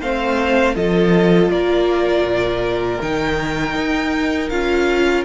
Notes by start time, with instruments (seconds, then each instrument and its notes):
0.00 cello A3, viola C4, violin C5 F5
0.75 cello F3, viola F4, violin A4 D#5
1.49 cello A#3, violin A#4 D5
2.23 cello A#2
3.01 cello D#3, viola D#4, violin G5
3.75 cello D#4
4.49 cello C#4, viola F4, violin F5